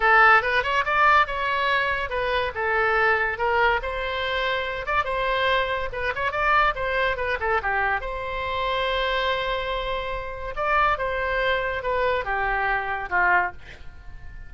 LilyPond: \new Staff \with { instrumentName = "oboe" } { \time 4/4 \tempo 4 = 142 a'4 b'8 cis''8 d''4 cis''4~ | cis''4 b'4 a'2 | ais'4 c''2~ c''8 d''8 | c''2 b'8 cis''8 d''4 |
c''4 b'8 a'8 g'4 c''4~ | c''1~ | c''4 d''4 c''2 | b'4 g'2 f'4 | }